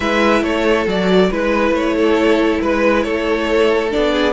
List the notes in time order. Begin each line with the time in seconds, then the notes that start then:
0.00 G#3 E4 B4 E5
0.42 A3 A4 C#5
0.86 F#3 F#4 D5
1.30 G#3 E4 B4
1.71 A3 C#5
1.96 A4
2.61 G#3 B4
3.02 A3 A4 C#5
3.90 B3 D4 D5
4.12 G#4